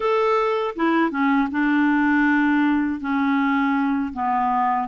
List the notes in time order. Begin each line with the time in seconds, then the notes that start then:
0.00 A4
0.75 E4
1.10 C#4
1.51 D4
3.00 C#4
4.13 B3